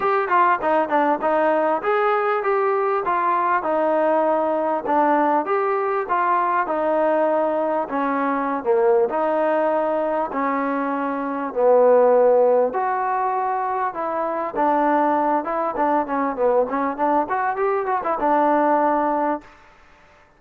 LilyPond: \new Staff \with { instrumentName = "trombone" } { \time 4/4 \tempo 4 = 99 g'8 f'8 dis'8 d'8 dis'4 gis'4 | g'4 f'4 dis'2 | d'4 g'4 f'4 dis'4~ | dis'4 cis'4~ cis'16 ais8. dis'4~ |
dis'4 cis'2 b4~ | b4 fis'2 e'4 | d'4. e'8 d'8 cis'8 b8 cis'8 | d'8 fis'8 g'8 fis'16 e'16 d'2 | }